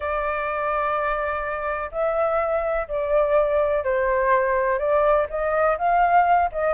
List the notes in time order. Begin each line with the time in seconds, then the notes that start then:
0.00 D5
1.91 E5
2.88 D5
3.84 C5
4.78 D5
5.29 D#5
5.78 F5
6.51 D#5